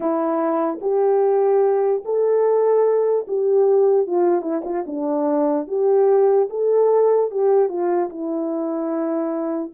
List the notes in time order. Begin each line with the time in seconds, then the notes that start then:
0.00 E4
0.81 G4
2.04 A4
3.27 G4
4.06 F4
4.42 E4
4.64 F4
4.86 D4
5.68 G4
6.49 A4
7.30 G4
7.68 F4
8.09 E4